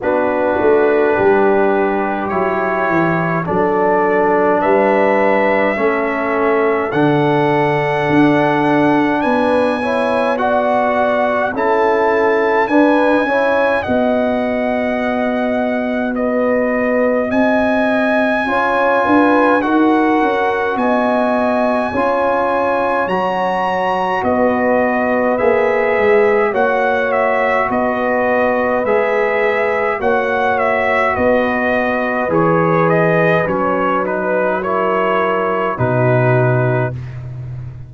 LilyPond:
<<
  \new Staff \with { instrumentName = "trumpet" } { \time 4/4 \tempo 4 = 52 b'2 cis''4 d''4 | e''2 fis''2 | gis''4 fis''4 a''4 gis''4 | fis''2 dis''4 gis''4~ |
gis''4 fis''4 gis''2 | ais''4 dis''4 e''4 fis''8 e''8 | dis''4 e''4 fis''8 e''8 dis''4 | cis''8 dis''8 cis''8 b'8 cis''4 b'4 | }
  \new Staff \with { instrumentName = "horn" } { \time 4/4 fis'4 g'2 a'4 | b'4 a'2. | b'8 cis''8 d''4 a'4 b'8 cis''8 | dis''2 b'4 dis''4 |
cis''8 b'8 ais'4 dis''4 cis''4~ | cis''4 b'2 cis''4 | b'2 cis''4 b'4~ | b'2 ais'4 fis'4 | }
  \new Staff \with { instrumentName = "trombone" } { \time 4/4 d'2 e'4 d'4~ | d'4 cis'4 d'2~ | d'8 e'8 fis'4 e'4 d'8 e'8 | fis'1 |
f'4 fis'2 f'4 | fis'2 gis'4 fis'4~ | fis'4 gis'4 fis'2 | gis'4 cis'8 dis'8 e'4 dis'4 | }
  \new Staff \with { instrumentName = "tuba" } { \time 4/4 b8 a8 g4 fis8 e8 fis4 | g4 a4 d4 d'4 | b2 cis'4 d'8 cis'8 | b2. c'4 |
cis'8 d'8 dis'8 cis'8 b4 cis'4 | fis4 b4 ais8 gis8 ais4 | b4 gis4 ais4 b4 | e4 fis2 b,4 | }
>>